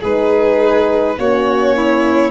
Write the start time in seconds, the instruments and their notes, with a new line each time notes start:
0.00 tuba G#3, horn D#4, violin G#4 B4
1.18 tuba A#3, horn C#4, violin F#4 C#5
1.76 violin E4